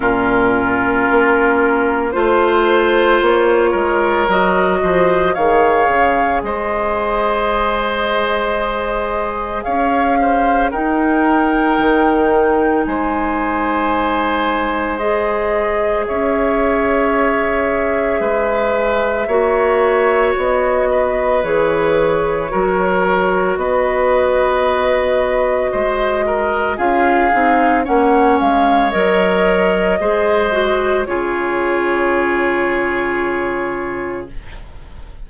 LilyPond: <<
  \new Staff \with { instrumentName = "flute" } { \time 4/4 \tempo 4 = 56 ais'2 c''4 cis''4 | dis''4 f''4 dis''2~ | dis''4 f''4 g''2 | gis''2 dis''4 e''4~ |
e''2. dis''4 | cis''2 dis''2~ | dis''4 f''4 fis''8 f''8 dis''4~ | dis''4 cis''2. | }
  \new Staff \with { instrumentName = "oboe" } { \time 4/4 f'2 c''4. ais'8~ | ais'8 c''8 cis''4 c''2~ | c''4 cis''8 c''8 ais'2 | c''2. cis''4~ |
cis''4 b'4 cis''4. b'8~ | b'4 ais'4 b'2 | c''8 ais'8 gis'4 cis''2 | c''4 gis'2. | }
  \new Staff \with { instrumentName = "clarinet" } { \time 4/4 cis'2 f'2 | fis'4 gis'2.~ | gis'2 dis'2~ | dis'2 gis'2~ |
gis'2 fis'2 | gis'4 fis'2.~ | fis'4 f'8 dis'8 cis'4 ais'4 | gis'8 fis'8 f'2. | }
  \new Staff \with { instrumentName = "bassoon" } { \time 4/4 ais,4 ais4 a4 ais8 gis8 | fis8 f8 dis8 cis8 gis2~ | gis4 cis'4 dis'4 dis4 | gis2. cis'4~ |
cis'4 gis4 ais4 b4 | e4 fis4 b2 | gis4 cis'8 c'8 ais8 gis8 fis4 | gis4 cis2. | }
>>